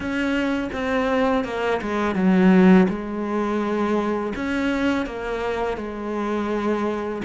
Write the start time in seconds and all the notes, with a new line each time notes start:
0.00 C#4
0.72 C4
1.44 A#3
1.81 G#3
2.15 F#3
2.88 G#3
4.35 C#4
5.06 A#3
5.77 G#3